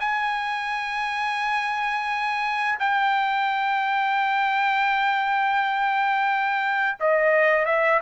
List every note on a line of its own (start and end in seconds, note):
0.00 2.79 G#5
2.80 6.99 G5
7.00 7.66 D#5
7.66 8.01 E5